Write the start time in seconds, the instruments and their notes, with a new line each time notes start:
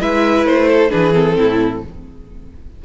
0.00 cello G#3, viola E4, violin B4 E5
0.45 cello A3, violin C5
0.68 violin A4
0.90 cello E3, viola D4, violin G#4 B4
1.13 viola C4, violin A4
1.38 cello A2, violin E4